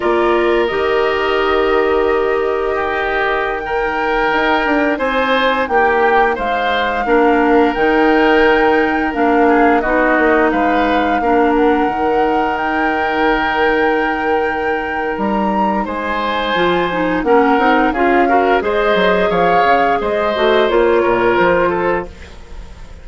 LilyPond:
<<
  \new Staff \with { instrumentName = "flute" } { \time 4/4 \tempo 4 = 87 d''4 dis''2.~ | dis''4~ dis''16 g''2 gis''8.~ | gis''16 g''4 f''2 g''8.~ | g''4~ g''16 f''4 dis''4 f''8.~ |
f''8. fis''4. g''4.~ g''16~ | g''2 ais''4 gis''4~ | gis''4 fis''4 f''4 dis''4 | f''4 dis''4 cis''4 c''4 | }
  \new Staff \with { instrumentName = "oboe" } { \time 4/4 ais'1 | g'4~ g'16 ais'2 c''8.~ | c''16 g'4 c''4 ais'4.~ ais'16~ | ais'4.~ ais'16 gis'8 fis'4 b'8.~ |
b'16 ais'2.~ ais'8.~ | ais'2. c''4~ | c''4 ais'4 gis'8 ais'8 c''4 | cis''4 c''4. ais'4 a'8 | }
  \new Staff \with { instrumentName = "clarinet" } { \time 4/4 f'4 g'2.~ | g'4~ g'16 dis'2~ dis'8.~ | dis'2~ dis'16 d'4 dis'8.~ | dis'4~ dis'16 d'4 dis'4.~ dis'16~ |
dis'16 d'4 dis'2~ dis'8.~ | dis'1 | f'8 dis'8 cis'8 dis'8 f'8 fis'8 gis'4~ | gis'4. fis'8 f'2 | }
  \new Staff \with { instrumentName = "bassoon" } { \time 4/4 ais4 dis2.~ | dis2~ dis16 dis'8 d'8 c'8.~ | c'16 ais4 gis4 ais4 dis8.~ | dis4~ dis16 ais4 b8 ais8 gis8.~ |
gis16 ais4 dis2~ dis8.~ | dis2 g4 gis4 | f4 ais8 c'8 cis'4 gis8 fis8 | f8 cis8 gis8 a8 ais8 ais,8 f4 | }
>>